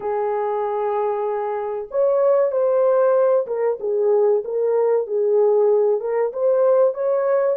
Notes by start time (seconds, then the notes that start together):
0.00 G#4
1.90 C#5
2.51 C5
3.47 A#4
3.80 G#4
4.44 A#4
5.06 G#4
6.00 A#4
6.32 C5
6.94 C#5